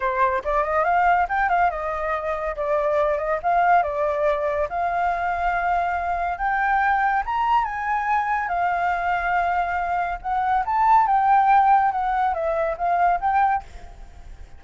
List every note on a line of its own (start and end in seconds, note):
0.00 0.42 C5
0.44 0.63 D5
0.63 0.84 D#5
0.84 1.27 F5
1.28 1.49 G5
1.49 1.70 F5
1.70 2.55 D#5
2.56 3.17 D5
3.17 3.39 D#5
3.42 3.82 F5
3.82 4.68 D5
4.69 6.38 F5
6.38 7.23 G5
7.25 7.64 A#5
7.64 8.48 G#5
8.48 10.18 F5
10.21 10.64 F#5
10.65 11.06 A5
11.06 11.91 G5
11.91 12.34 F#5
12.34 12.76 E5
12.77 13.20 F5
13.20 13.63 G5